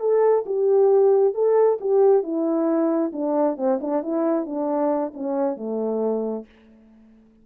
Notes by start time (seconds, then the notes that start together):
0.00 A4
0.46 G4
1.34 A4
1.80 G4
2.22 E4
3.12 D4
3.57 C4
3.80 D4
4.02 E4
4.46 D4
5.13 C#4
5.56 A3